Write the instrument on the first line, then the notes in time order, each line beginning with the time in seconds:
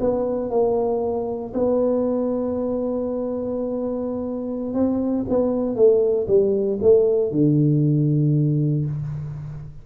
tuba
0.00 B3
0.50 A#3
1.54 B3
4.74 C4
5.29 B3
5.76 A3
6.28 G3
6.82 A3
7.31 D3